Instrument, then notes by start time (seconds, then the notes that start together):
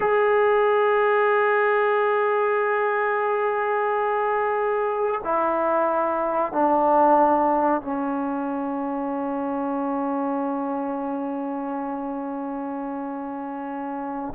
trombone
0.00 G#4
5.24 E4
6.52 D4
7.81 C#4